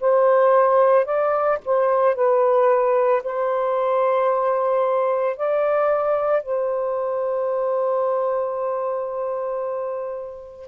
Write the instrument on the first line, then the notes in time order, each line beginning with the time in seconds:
saxophone
0.00 C5
1.05 D5
1.65 C5
2.15 B4
3.24 C5
5.37 D5
6.43 C5